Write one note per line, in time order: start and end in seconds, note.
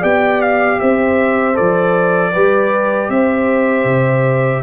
0.00 0.80 B3
0.00 1.54 G4
0.00 0.77 D5
0.00 0.42 G5
0.42 0.80 F5
0.80 1.59 C4
0.80 2.33 C5
0.80 1.57 E5
1.54 2.36 F3
1.54 2.31 A4
1.54 3.10 D5
2.33 3.09 G3
2.33 4.63 G4
2.33 3.09 B4
3.09 3.85 C4
3.09 4.63 C5
3.09 4.63 E5
3.85 4.62 C3